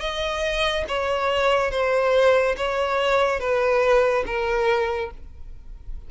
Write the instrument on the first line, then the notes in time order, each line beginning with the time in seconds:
violin
0.00 D#5
0.88 C#5
1.71 C5
2.57 C#5
3.40 B4
4.26 A#4